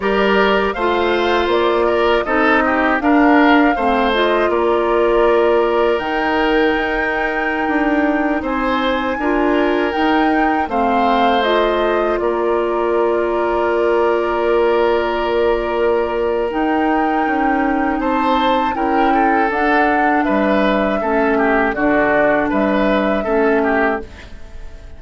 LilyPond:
<<
  \new Staff \with { instrumentName = "flute" } { \time 4/4 \tempo 4 = 80 d''4 f''4 d''4 dis''4 | f''4. dis''8 d''2 | g''2.~ g''16 gis''8.~ | gis''4~ gis''16 g''4 f''4 dis''8.~ |
dis''16 d''2.~ d''8.~ | d''2 g''2 | a''4 g''4 fis''4 e''4~ | e''4 d''4 e''2 | }
  \new Staff \with { instrumentName = "oboe" } { \time 4/4 ais'4 c''4. ais'8 a'8 g'8 | ais'4 c''4 ais'2~ | ais'2.~ ais'16 c''8.~ | c''16 ais'2 c''4.~ c''16~ |
c''16 ais'2.~ ais'8.~ | ais'1 | c''4 ais'8 a'4. b'4 | a'8 g'8 fis'4 b'4 a'8 g'8 | }
  \new Staff \with { instrumentName = "clarinet" } { \time 4/4 g'4 f'2 dis'4 | d'4 c'8 f'2~ f'8 | dis'1~ | dis'16 f'4 dis'4 c'4 f'8.~ |
f'1~ | f'2 dis'2~ | dis'4 e'4 d'2 | cis'4 d'2 cis'4 | }
  \new Staff \with { instrumentName = "bassoon" } { \time 4/4 g4 a4 ais4 c'4 | d'4 a4 ais2 | dis4 dis'4~ dis'16 d'4 c'8.~ | c'16 d'4 dis'4 a4.~ a16~ |
a16 ais2.~ ais8.~ | ais2 dis'4 cis'4 | c'4 cis'4 d'4 g4 | a4 d4 g4 a4 | }
>>